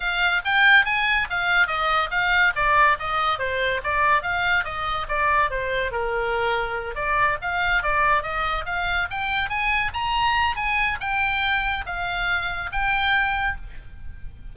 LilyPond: \new Staff \with { instrumentName = "oboe" } { \time 4/4 \tempo 4 = 142 f''4 g''4 gis''4 f''4 | dis''4 f''4 d''4 dis''4 | c''4 d''4 f''4 dis''4 | d''4 c''4 ais'2~ |
ais'8 d''4 f''4 d''4 dis''8~ | dis''8 f''4 g''4 gis''4 ais''8~ | ais''4 gis''4 g''2 | f''2 g''2 | }